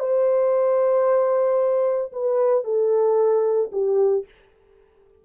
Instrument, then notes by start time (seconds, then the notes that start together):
horn
0.00 C5
2.13 B4
2.64 A4
3.72 G4